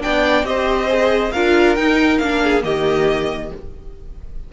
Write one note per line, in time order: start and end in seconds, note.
0.00 0.43 B3
0.00 0.44 D4
0.00 0.47 D5
0.00 0.45 G5
0.43 1.31 C4
0.43 0.88 G4
0.43 1.33 C5
0.43 1.31 D#5
0.88 1.32 G#4
1.31 1.77 D4
1.31 1.77 F4
1.31 2.42 A#4
1.31 1.75 F5
1.75 2.21 D#4
1.75 2.20 D#4
1.75 2.18 G5
2.18 2.63 A#3
2.18 2.62 D4
2.18 2.62 F5
2.43 2.65 G#4
2.62 3.51 D#3
2.62 3.50 A#3
2.62 3.53 G4
2.62 3.52 D#5